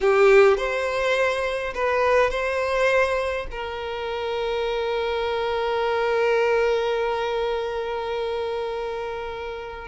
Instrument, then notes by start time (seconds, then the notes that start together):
violin
0.00 G4
0.57 C5
1.74 B4
2.30 C5
3.51 A#4